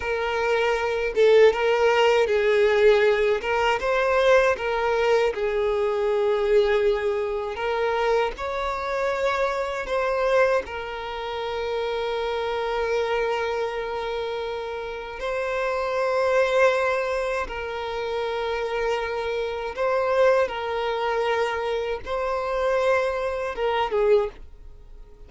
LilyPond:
\new Staff \with { instrumentName = "violin" } { \time 4/4 \tempo 4 = 79 ais'4. a'8 ais'4 gis'4~ | gis'8 ais'8 c''4 ais'4 gis'4~ | gis'2 ais'4 cis''4~ | cis''4 c''4 ais'2~ |
ais'1 | c''2. ais'4~ | ais'2 c''4 ais'4~ | ais'4 c''2 ais'8 gis'8 | }